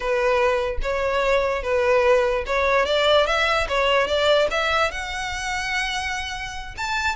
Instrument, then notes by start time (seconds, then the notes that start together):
violin
0.00 B4
0.82 C#5
1.63 B4
2.46 C#5
2.85 D5
3.26 E5
3.68 C#5
4.07 D5
4.50 E5
4.91 F#5
6.77 A5